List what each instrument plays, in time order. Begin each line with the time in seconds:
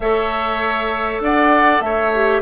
0.00 bassoon A3, clarinet A4, oboe C#5, flute E5
1.20 bassoon D4, oboe D5, flute F#5
1.80 bassoon A3, oboe C#5, flute E5
2.14 clarinet G4